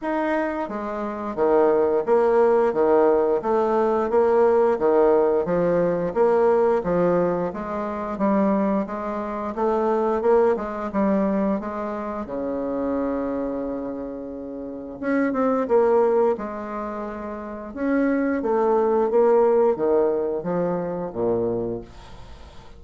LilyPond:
\new Staff \with { instrumentName = "bassoon" } { \time 4/4 \tempo 4 = 88 dis'4 gis4 dis4 ais4 | dis4 a4 ais4 dis4 | f4 ais4 f4 gis4 | g4 gis4 a4 ais8 gis8 |
g4 gis4 cis2~ | cis2 cis'8 c'8 ais4 | gis2 cis'4 a4 | ais4 dis4 f4 ais,4 | }